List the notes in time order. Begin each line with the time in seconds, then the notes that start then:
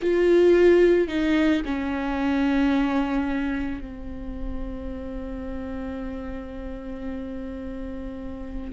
0.01 F4
1.08 D#4
1.65 C#4
3.80 C4